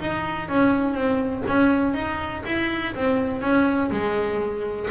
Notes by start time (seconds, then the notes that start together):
0.00 D#4
0.49 C#4
0.94 C4
1.47 C#4
1.94 D#4
2.46 E4
2.95 C4
3.41 C#4
3.91 G#3